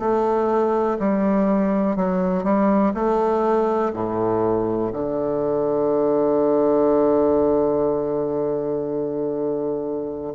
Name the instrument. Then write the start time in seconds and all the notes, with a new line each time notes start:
bassoon
0.00 A3
1.00 G3
1.96 F#3
2.44 G3
2.94 A3
3.94 A2
4.93 D3